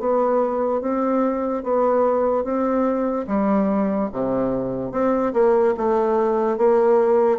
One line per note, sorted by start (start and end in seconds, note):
0.00 0.82 B3
0.82 1.64 C4
1.64 2.44 B3
2.44 3.27 C4
3.28 4.10 G3
4.13 4.92 C3
4.92 5.33 C4
5.34 5.75 A#3
5.78 6.58 A3
6.58 7.39 A#3